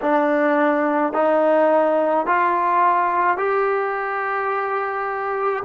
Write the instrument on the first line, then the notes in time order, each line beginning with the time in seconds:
trombone
0.01 D4
1.13 D#4
2.26 F4
3.37 G4